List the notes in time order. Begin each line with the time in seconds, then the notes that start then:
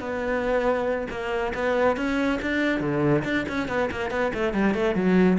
0.00 B3
1.10 A#3
1.54 B3
1.97 C#4
2.42 D4
2.80 D3
3.24 D4
3.49 C#4
3.68 B3
3.91 A#3
4.11 B3
4.34 A3
4.53 G3
4.74 A3
4.95 F#3